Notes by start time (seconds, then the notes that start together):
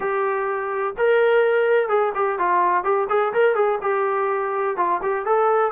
0.00 G4
0.97 A#4
1.89 G#4
2.15 G4
2.38 F4
2.83 G4
3.09 G#4
3.33 A#4
3.55 G#4
3.81 G4
4.76 F4
5.02 G4
5.25 A4